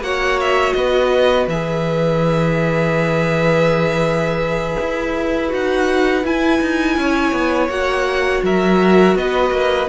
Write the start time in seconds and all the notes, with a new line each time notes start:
0.00 A#3 F#4 C#5 F#5
0.41 E5
0.73 B3 B4 D#5
1.47 E3 G#4 E5
4.80 E4
5.49 D#4 F#4 F#5
6.24 E4 G#5
6.61 D#4
6.97 C#4 C#5
7.32 B3
7.69 A#3 F#4 F#5
8.43 F#3 A#4 E5
9.15 B3 B4 D#5
9.51 A#3